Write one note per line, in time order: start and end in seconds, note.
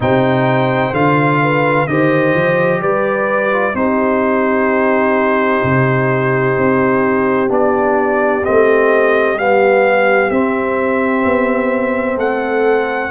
0.00 0.92 C3
0.00 0.93 D#4
0.00 1.41 C5
0.00 0.94 G5
0.92 1.86 D3
0.92 1.87 F4
0.92 1.87 F5
1.42 1.89 B4
1.87 2.34 D#3
1.87 3.52 G4
1.87 2.81 C5
1.87 2.81 D#5
2.34 2.80 F3
2.80 3.73 G3
2.80 3.75 B4
2.80 3.75 D5
3.52 3.75 F4
3.74 5.61 C4
3.74 7.48 D#4
3.74 12.16 G4
3.74 7.50 C5
5.63 6.57 C3
6.57 7.49 C4
7.48 8.43 B3
7.48 8.42 D4
7.48 8.45 D5
8.43 9.34 A3
8.43 9.37 C4
8.43 9.38 D#5
9.34 10.28 G3
9.34 10.31 B3
9.34 10.30 F5
10.30 11.24 C4
10.30 13.11 C4
10.30 12.17 E5
11.24 12.15 B3
12.15 13.09 A3
12.15 13.09 A4
12.15 13.11 F#5